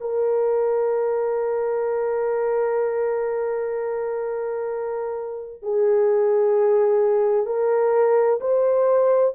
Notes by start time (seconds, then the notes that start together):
0.00 A#4
5.62 G#4
7.46 A#4
8.40 C5